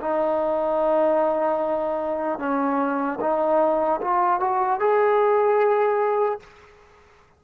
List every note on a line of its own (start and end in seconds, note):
0.00 2.39 D#4
2.39 3.19 C#4
3.20 4.00 D#4
4.01 4.40 F4
4.40 4.79 F#4
4.79 6.39 G#4